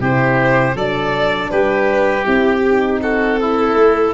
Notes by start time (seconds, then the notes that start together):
0.00 C3 E4 G4 C5
0.75 F#3 D4 A4 D5
1.50 G3 G4 B4
2.24 C4 E4 G4
2.68 D#4
3.02 F#4 A4
3.40 E4
3.75 A3